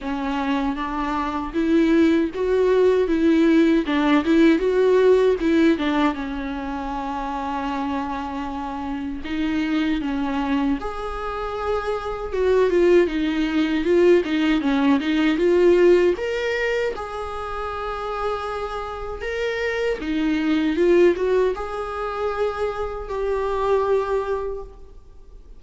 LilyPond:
\new Staff \with { instrumentName = "viola" } { \time 4/4 \tempo 4 = 78 cis'4 d'4 e'4 fis'4 | e'4 d'8 e'8 fis'4 e'8 d'8 | cis'1 | dis'4 cis'4 gis'2 |
fis'8 f'8 dis'4 f'8 dis'8 cis'8 dis'8 | f'4 ais'4 gis'2~ | gis'4 ais'4 dis'4 f'8 fis'8 | gis'2 g'2 | }